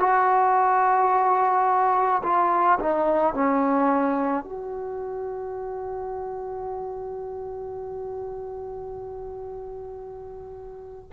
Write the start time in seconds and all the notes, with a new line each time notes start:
0.00 F#4
2.23 F4
2.80 D#4
3.34 C#4
4.44 F#4